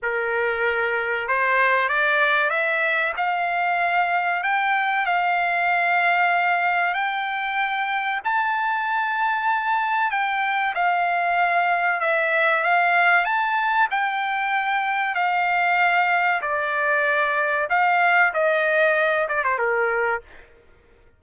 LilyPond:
\new Staff \with { instrumentName = "trumpet" } { \time 4/4 \tempo 4 = 95 ais'2 c''4 d''4 | e''4 f''2 g''4 | f''2. g''4~ | g''4 a''2. |
g''4 f''2 e''4 | f''4 a''4 g''2 | f''2 d''2 | f''4 dis''4. d''16 c''16 ais'4 | }